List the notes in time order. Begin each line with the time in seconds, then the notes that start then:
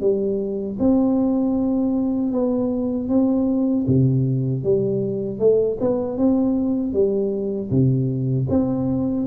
0.00 G3
0.79 C4
2.32 B3
3.08 C4
3.87 C3
4.63 G3
5.39 A3
5.80 B3
6.17 C4
6.93 G3
7.70 C3
8.49 C4